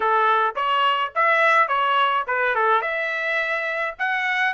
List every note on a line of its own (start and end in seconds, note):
0.00 0.54 A4
0.55 1.12 C#5
1.15 1.67 E5
1.67 2.24 C#5
2.27 2.55 B4
2.55 2.81 A4
2.81 3.94 E5
3.99 4.53 F#5